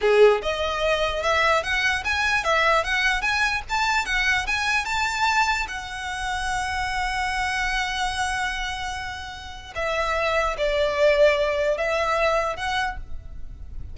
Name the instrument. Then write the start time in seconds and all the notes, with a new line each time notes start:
violin
0.01 G#4
0.42 D#5
1.22 E5
1.63 F#5
2.04 G#5
2.43 E5
2.84 F#5
3.21 G#5
3.69 A5
4.05 F#5
4.46 G#5
4.85 A5
5.68 F#5
9.75 E5
10.57 D5
11.77 E5
12.56 F#5